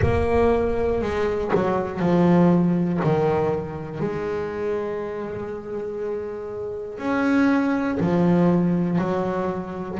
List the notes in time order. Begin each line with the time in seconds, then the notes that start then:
0.01 A#3
1.01 G#3
1.54 F#3
1.99 F3
3.03 D#3
4.00 G#3
6.98 C#4
8.00 F3
8.98 F#3